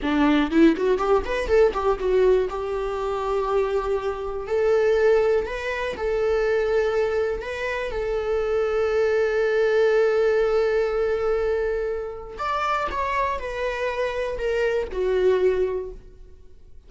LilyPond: \new Staff \with { instrumentName = "viola" } { \time 4/4 \tempo 4 = 121 d'4 e'8 fis'8 g'8 b'8 a'8 g'8 | fis'4 g'2.~ | g'4 a'2 b'4 | a'2. b'4 |
a'1~ | a'1~ | a'4 d''4 cis''4 b'4~ | b'4 ais'4 fis'2 | }